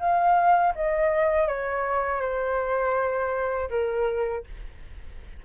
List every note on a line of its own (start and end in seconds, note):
0.00 0.74 F5
0.75 1.48 D#5
1.48 2.21 C#5
2.21 3.69 C5
3.70 4.44 A#4